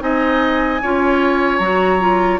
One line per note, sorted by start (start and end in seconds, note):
0.00 0.81 C4
0.00 0.80 D#4
0.00 0.82 D#5
0.00 1.58 G#5
0.82 1.60 C#4
0.82 1.62 F4
0.82 2.40 C#5
1.58 2.40 F#3
1.58 2.00 F#4
1.58 2.38 A#5
2.00 2.40 F4